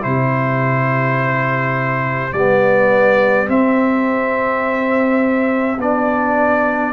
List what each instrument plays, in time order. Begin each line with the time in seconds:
0.00 tuba C3, trombone E4, horn G4, trumpet C5
2.32 tuba G3, trombone B3, trumpet D5
3.47 trombone C4, tuba C4, trumpet E5
5.78 tuba B3, trombone D4, trumpet D5